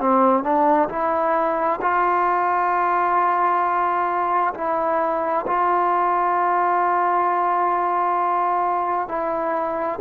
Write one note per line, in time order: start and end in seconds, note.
0.00 0.43 C4
0.43 0.89 D4
0.89 1.80 E4
1.81 4.54 F4
4.54 5.45 E4
5.47 9.08 F4
9.08 9.99 E4